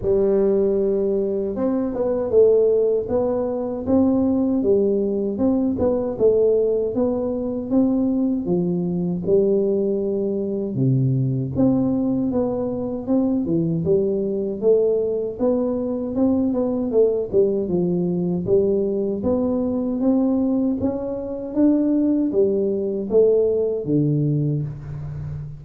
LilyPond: \new Staff \with { instrumentName = "tuba" } { \time 4/4 \tempo 4 = 78 g2 c'8 b8 a4 | b4 c'4 g4 c'8 b8 | a4 b4 c'4 f4 | g2 c4 c'4 |
b4 c'8 e8 g4 a4 | b4 c'8 b8 a8 g8 f4 | g4 b4 c'4 cis'4 | d'4 g4 a4 d4 | }